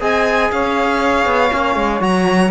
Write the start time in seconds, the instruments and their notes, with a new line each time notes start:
0.00 cello C4, trombone G#4, saxophone D#5, violin G#5
0.51 cello C#4, saxophone C#5, violin F5
1.25 cello B3
1.50 cello A#3, trombone C#4
1.75 cello G#3
2.00 cello F#3, trombone F#4, violin A#5